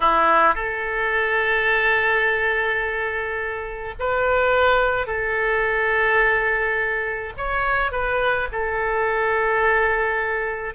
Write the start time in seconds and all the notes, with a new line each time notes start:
0.00 E4
0.54 A4
3.99 B4
5.07 A4
7.37 C#5
7.91 B4
8.52 A4